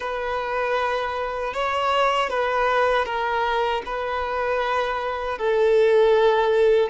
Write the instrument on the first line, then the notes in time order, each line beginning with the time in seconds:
violin
0.00 B4
1.53 C#5
2.29 B4
3.05 A#4
3.85 B4
5.38 A4